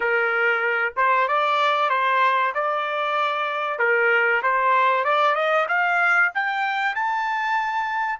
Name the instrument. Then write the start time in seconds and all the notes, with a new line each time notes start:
trumpet
0.00 A#4
0.96 C5
1.28 D5
1.89 C5
2.54 D5
3.78 A#4
4.42 C5
5.04 D5
5.35 D#5
5.68 F5
6.34 G5
6.95 A5